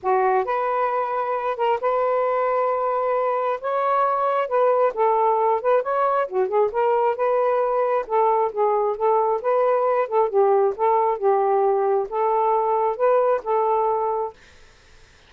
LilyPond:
\new Staff \with { instrumentName = "saxophone" } { \time 4/4 \tempo 4 = 134 fis'4 b'2~ b'8 ais'8 | b'1 | cis''2 b'4 a'4~ | a'8 b'8 cis''4 fis'8 gis'8 ais'4 |
b'2 a'4 gis'4 | a'4 b'4. a'8 g'4 | a'4 g'2 a'4~ | a'4 b'4 a'2 | }